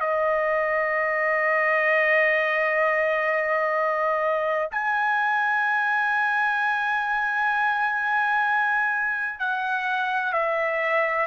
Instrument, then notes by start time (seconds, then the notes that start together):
trumpet
0.00 D#5
4.71 G#5
9.39 F#5
10.33 E5